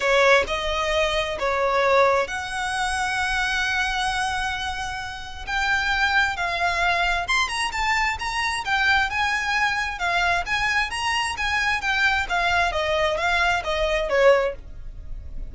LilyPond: \new Staff \with { instrumentName = "violin" } { \time 4/4 \tempo 4 = 132 cis''4 dis''2 cis''4~ | cis''4 fis''2.~ | fis''1 | g''2 f''2 |
c'''8 ais''8 a''4 ais''4 g''4 | gis''2 f''4 gis''4 | ais''4 gis''4 g''4 f''4 | dis''4 f''4 dis''4 cis''4 | }